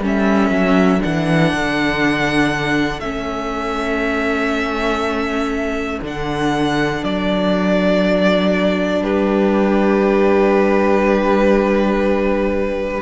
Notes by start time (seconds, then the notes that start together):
0.00 G3 C#4 A4
0.06 E5
0.50 F#3
1.00 E3 D4 F#5
1.53 D3
2.99 A3 C#4 E5
6.02 D3 D4 F#5
7.04 F#3 D5
9.00 G3 G4 B4